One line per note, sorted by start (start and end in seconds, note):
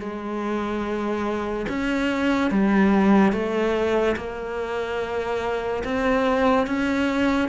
0.00 1.67 G#3
1.69 2.51 C#4
2.51 3.33 G3
3.33 4.16 A3
4.17 5.84 A#3
5.84 6.67 C4
6.67 7.49 C#4